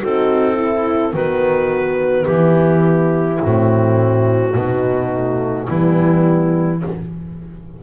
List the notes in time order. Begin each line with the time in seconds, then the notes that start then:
0.00 C4 D#4 F#4 A4
0.54 E4
1.13 D#3 B3 F#4 B4
2.25 E3 E4 G4
3.41 A2 C4 F#4
4.55 B2 B3 D#4
5.12 A3
5.67 E3 G3 B3 E4